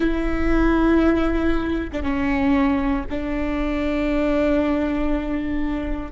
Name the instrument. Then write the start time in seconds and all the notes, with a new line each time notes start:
viola
0.00 E4
1.92 D4
2.02 C#4
3.09 D4